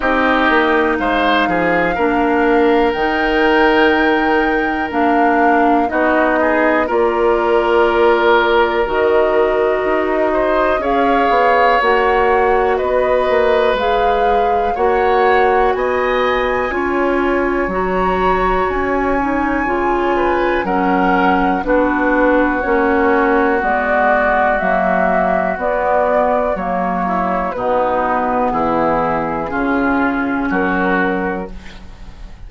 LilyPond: <<
  \new Staff \with { instrumentName = "flute" } { \time 4/4 \tempo 4 = 61 dis''4 f''2 g''4~ | g''4 f''4 dis''4 d''4~ | d''4 dis''2 f''4 | fis''4 dis''4 f''4 fis''4 |
gis''2 ais''4 gis''4~ | gis''4 fis''4 b'4 cis''4 | d''4 e''4 d''4 cis''4 | b'4 gis'2 ais'4 | }
  \new Staff \with { instrumentName = "oboe" } { \time 4/4 g'4 c''8 gis'8 ais'2~ | ais'2 fis'8 gis'8 ais'4~ | ais'2~ ais'8 c''8 cis''4~ | cis''4 b'2 cis''4 |
dis''4 cis''2.~ | cis''8 b'8 ais'4 fis'2~ | fis'2.~ fis'8 e'8 | dis'4 e'4 f'4 fis'4 | }
  \new Staff \with { instrumentName = "clarinet" } { \time 4/4 dis'2 d'4 dis'4~ | dis'4 d'4 dis'4 f'4~ | f'4 fis'2 gis'4 | fis'2 gis'4 fis'4~ |
fis'4 f'4 fis'4. dis'8 | f'4 cis'4 d'4 cis'4 | b4 ais4 b4 ais4 | b2 cis'2 | }
  \new Staff \with { instrumentName = "bassoon" } { \time 4/4 c'8 ais8 gis8 f8 ais4 dis4~ | dis4 ais4 b4 ais4~ | ais4 dis4 dis'4 cis'8 b8 | ais4 b8 ais8 gis4 ais4 |
b4 cis'4 fis4 cis'4 | cis4 fis4 b4 ais4 | gis4 fis4 b4 fis4 | b,4 e4 cis4 fis4 | }
>>